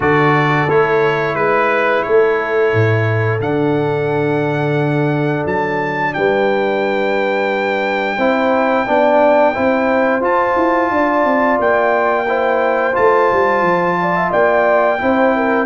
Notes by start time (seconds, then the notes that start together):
0.00 D3 F#4 A4 D5
0.67 A3 E4 C#5
1.34 G#3 B4
2.03 A3 A4 C#5
2.73 A2
3.39 D3 D4 F#5
5.45 F#3 A5
6.13 G3 B4 G5
8.17 C4 E4 C5
8.86 B3 D4 D5
9.54 C4 E4 C5
10.20 F4 A5
10.55 E4
10.90 D4 D5
11.24 C4
11.59 A#3 G5
12.27 E4 C5
12.93 A3 F4 A5
13.32 G3
13.62 F3
14.00 D5
14.16 E5
14.31 A#3 D5 G5
14.98 C4 E4 C5
15.36 A#4